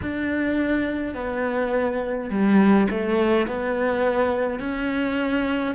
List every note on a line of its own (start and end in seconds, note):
0.02 1.14 D4
1.14 2.30 B3
2.30 2.87 G3
2.90 3.47 A3
3.47 4.59 B3
4.59 5.75 C#4